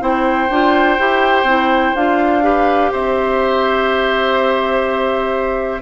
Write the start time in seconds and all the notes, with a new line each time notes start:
0.00 C4 E4 C5 G5
0.49 D4 F4
0.98 E4 G4
1.43 C4 E4
1.95 D4 F4 F5
2.42 G4 B4
2.91 C4 C5 E5